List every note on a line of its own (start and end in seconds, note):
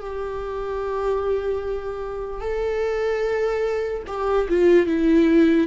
0.00 2.40 G4
2.40 4.02 A4
4.07 4.47 G4
4.49 4.86 F4
4.86 5.67 E4